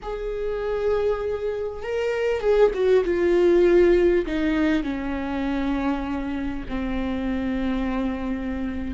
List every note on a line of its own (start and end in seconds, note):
0.02 1.82 G#4
1.82 2.40 A#4
2.40 2.70 G#4
2.74 3.04 F#4
3.04 4.25 F4
4.26 4.83 D#4
4.83 6.65 C#4
6.68 8.94 C4